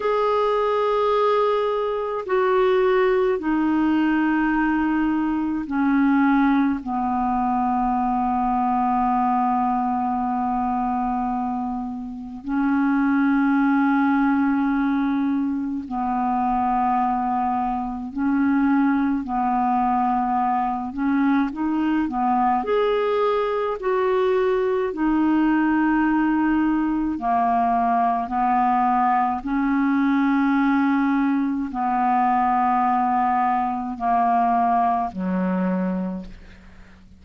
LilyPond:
\new Staff \with { instrumentName = "clarinet" } { \time 4/4 \tempo 4 = 53 gis'2 fis'4 dis'4~ | dis'4 cis'4 b2~ | b2. cis'4~ | cis'2 b2 |
cis'4 b4. cis'8 dis'8 b8 | gis'4 fis'4 dis'2 | ais4 b4 cis'2 | b2 ais4 fis4 | }